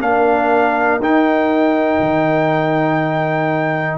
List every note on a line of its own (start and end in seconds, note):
0.00 0.99 A#3
0.00 1.00 D4
0.00 3.97 A#4
0.00 1.01 F5
0.99 1.99 D#4
0.99 3.97 D#4
0.99 3.97 G5
2.00 3.97 D#3